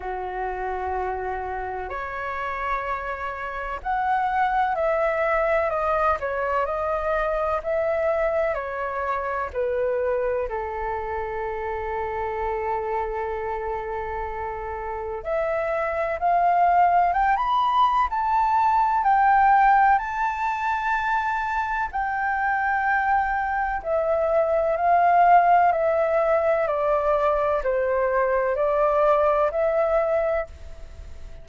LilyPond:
\new Staff \with { instrumentName = "flute" } { \time 4/4 \tempo 4 = 63 fis'2 cis''2 | fis''4 e''4 dis''8 cis''8 dis''4 | e''4 cis''4 b'4 a'4~ | a'1 |
e''4 f''4 g''16 b''8. a''4 | g''4 a''2 g''4~ | g''4 e''4 f''4 e''4 | d''4 c''4 d''4 e''4 | }